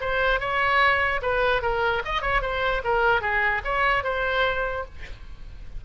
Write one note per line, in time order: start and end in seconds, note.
0.00 0.39 C5
0.39 1.21 C#5
1.22 1.62 B4
1.62 2.02 A#4
2.05 2.21 D#5
2.21 2.41 C#5
2.41 2.82 C5
2.84 3.21 A#4
3.21 3.62 G#4
3.64 4.03 C#5
4.03 4.84 C5